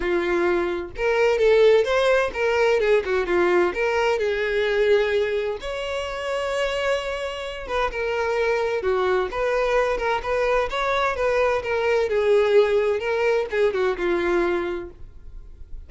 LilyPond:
\new Staff \with { instrumentName = "violin" } { \time 4/4 \tempo 4 = 129 f'2 ais'4 a'4 | c''4 ais'4 gis'8 fis'8 f'4 | ais'4 gis'2. | cis''1~ |
cis''8 b'8 ais'2 fis'4 | b'4. ais'8 b'4 cis''4 | b'4 ais'4 gis'2 | ais'4 gis'8 fis'8 f'2 | }